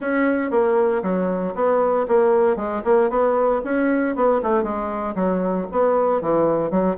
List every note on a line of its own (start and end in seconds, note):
0.00 0.50 C#4
0.50 1.02 A#3
1.02 1.54 F#3
1.54 2.06 B3
2.08 2.56 A#3
2.56 2.82 G#3
2.84 3.10 A#3
3.10 3.61 B3
3.64 4.15 C#4
4.15 4.41 B3
4.42 4.63 A3
4.63 5.14 G#3
5.15 5.67 F#3
5.71 6.21 B3
6.21 6.70 E3
6.70 6.96 F#3